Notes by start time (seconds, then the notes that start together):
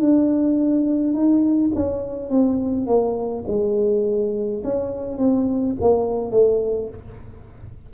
0.00 D4
1.13 D#4
1.75 C#4
2.30 C4
2.86 A#3
3.48 G#3
4.64 C#4
5.18 C4
5.81 A#3
6.31 A3